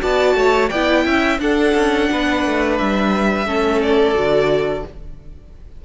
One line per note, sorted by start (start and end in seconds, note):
0.00 0.36 B3
0.00 0.69 F#4
0.00 0.37 D5
0.00 0.70 A5
0.36 0.70 A3
0.36 0.70 C#5
0.70 1.06 B3
0.70 1.40 E4
0.70 1.05 D5
0.70 1.39 G5
1.06 1.39 C#4
1.06 1.41 E5
1.39 1.74 D4
1.39 3.47 D4
1.39 2.11 A4
1.39 2.78 F#5
1.75 2.09 C#4
2.12 2.46 B3
2.12 3.47 B4
2.46 2.80 A3
2.78 3.46 G3
2.78 3.82 E5
3.46 4.15 A3
3.46 4.15 C#4
3.46 4.85 A4
3.82 4.86 D5
4.15 4.84 D3
4.15 4.83 F#4